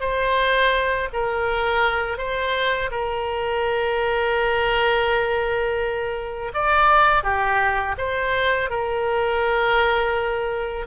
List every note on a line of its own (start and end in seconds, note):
0.00 1.08 C5
1.13 2.18 A#4
2.18 2.90 C5
2.91 6.52 A#4
6.54 7.23 D5
7.23 7.96 G4
7.98 8.69 C5
8.69 10.86 A#4